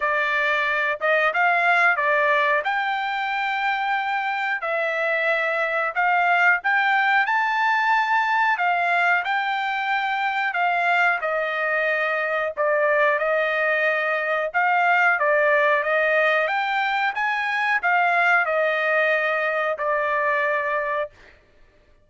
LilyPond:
\new Staff \with { instrumentName = "trumpet" } { \time 4/4 \tempo 4 = 91 d''4. dis''8 f''4 d''4 | g''2. e''4~ | e''4 f''4 g''4 a''4~ | a''4 f''4 g''2 |
f''4 dis''2 d''4 | dis''2 f''4 d''4 | dis''4 g''4 gis''4 f''4 | dis''2 d''2 | }